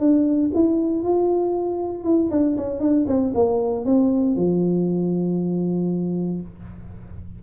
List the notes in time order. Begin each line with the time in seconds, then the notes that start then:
0.00 D4
0.55 E4
1.03 F4
2.04 E4
2.31 D4
2.57 C#4
2.80 D4
3.07 C4
3.34 A#3
3.85 C4
4.37 F3